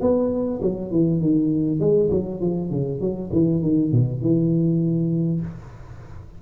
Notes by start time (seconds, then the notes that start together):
0.00 B3
0.61 F#3
0.91 E3
1.20 D#3
1.79 G#3
2.10 F#3
2.41 F3
2.70 C#3
3.00 F#3
3.32 E3
3.62 D#3
3.92 B2
4.21 E3